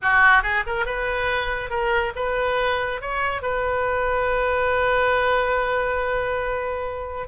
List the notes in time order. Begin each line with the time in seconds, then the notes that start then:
0.02 F#4
0.42 G#4
0.66 A#4
0.85 B4
1.69 A#4
2.15 B4
3.01 C#5
3.42 B4